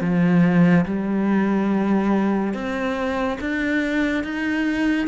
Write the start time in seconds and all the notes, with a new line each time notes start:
0.00 F3
0.85 G3
2.53 C4
3.40 D4
4.23 D#4